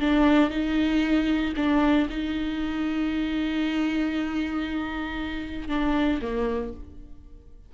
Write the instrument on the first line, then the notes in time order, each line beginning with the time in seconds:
viola
0.00 D4
0.50 D#4
1.57 D4
2.10 D#4
5.68 D4
6.22 A#3